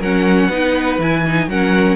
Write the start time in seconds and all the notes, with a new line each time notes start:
0.00 F#3 C#4 A#4 F#5
0.48 B3 D#4 B4
0.99 E3 E4 G#5
1.26 D#4
1.48 F#3 C#4 A#4 F#5